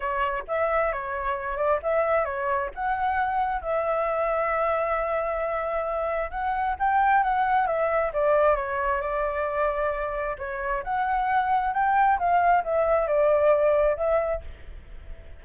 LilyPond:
\new Staff \with { instrumentName = "flute" } { \time 4/4 \tempo 4 = 133 cis''4 e''4 cis''4. d''8 | e''4 cis''4 fis''2 | e''1~ | e''2 fis''4 g''4 |
fis''4 e''4 d''4 cis''4 | d''2. cis''4 | fis''2 g''4 f''4 | e''4 d''2 e''4 | }